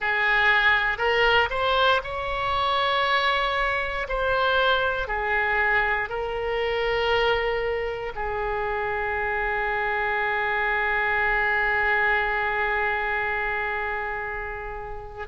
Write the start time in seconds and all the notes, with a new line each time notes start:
0.00 G#4
0.98 A#4
1.50 C5
2.03 C#5
4.08 C5
5.07 G#4
6.09 A#4
8.15 G#4